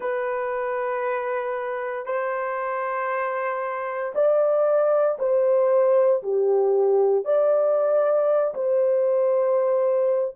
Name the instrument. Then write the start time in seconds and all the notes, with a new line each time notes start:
horn
0.00 B4
2.05 C5
4.14 D5
5.19 C5
6.23 G4
7.24 D5
8.54 C5